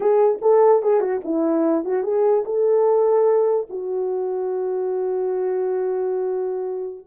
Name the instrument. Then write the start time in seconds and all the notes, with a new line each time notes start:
horn
0.00 G#4
0.41 A4
0.82 G#4
1.00 F#4
1.24 E4
1.85 F#4
2.03 G#4
2.45 A4
3.69 F#4